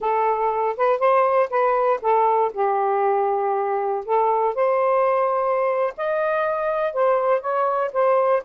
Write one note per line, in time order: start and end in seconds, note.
0.00 0.76 A4
0.77 0.99 B4
0.99 1.49 C5
1.49 2.00 B4
2.01 2.52 A4
2.53 4.04 G4
4.05 4.54 A4
4.54 5.93 C5
5.97 6.93 D#5
6.93 7.40 C5
7.40 7.91 C#5
7.93 8.43 C5